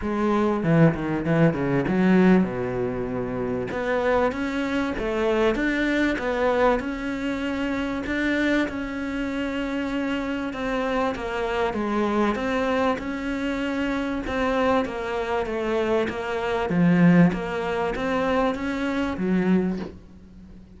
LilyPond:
\new Staff \with { instrumentName = "cello" } { \time 4/4 \tempo 4 = 97 gis4 e8 dis8 e8 cis8 fis4 | b,2 b4 cis'4 | a4 d'4 b4 cis'4~ | cis'4 d'4 cis'2~ |
cis'4 c'4 ais4 gis4 | c'4 cis'2 c'4 | ais4 a4 ais4 f4 | ais4 c'4 cis'4 fis4 | }